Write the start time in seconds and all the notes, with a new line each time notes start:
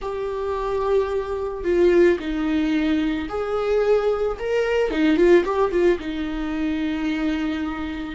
0.01 G4
1.64 F4
2.19 D#4
3.28 G#4
4.39 A#4
4.91 D#4
5.16 F4
5.44 G4
5.71 F4
5.99 D#4